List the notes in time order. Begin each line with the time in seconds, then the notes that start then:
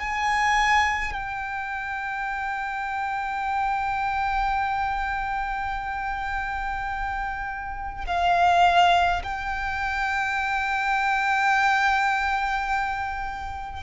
0.00 G#5
1.13 G5
8.08 F5
9.24 G5